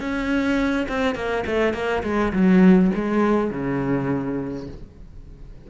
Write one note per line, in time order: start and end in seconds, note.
0.00 0.87 C#4
0.89 1.15 C4
1.15 1.44 A#3
1.47 1.74 A3
1.74 2.03 A#3
2.03 2.32 G#3
2.33 2.91 F#3
2.95 3.51 G#3
3.51 4.68 C#3